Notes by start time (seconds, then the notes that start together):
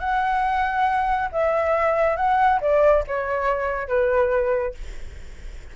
0.00 F#5
1.32 E5
2.17 F#5
2.61 D5
3.07 C#5
3.88 B4